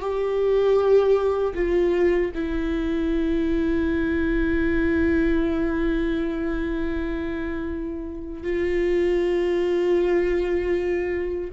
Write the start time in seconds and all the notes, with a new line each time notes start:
0.00 G4
1.54 F4
2.35 E4
8.43 F4